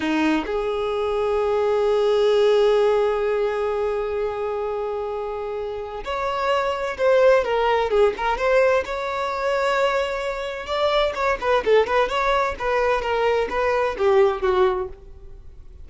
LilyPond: \new Staff \with { instrumentName = "violin" } { \time 4/4 \tempo 4 = 129 dis'4 gis'2.~ | gis'1~ | gis'1~ | gis'4 cis''2 c''4 |
ais'4 gis'8 ais'8 c''4 cis''4~ | cis''2. d''4 | cis''8 b'8 a'8 b'8 cis''4 b'4 | ais'4 b'4 g'4 fis'4 | }